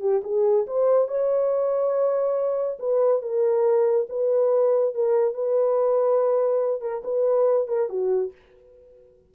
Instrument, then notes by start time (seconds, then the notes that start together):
horn
0.00 G4
0.23 G#4
0.67 C5
1.08 C#5
2.79 B4
3.21 A#4
4.09 B4
4.94 A#4
5.34 B4
6.81 A#4
7.04 B4
7.67 A#4
7.89 F#4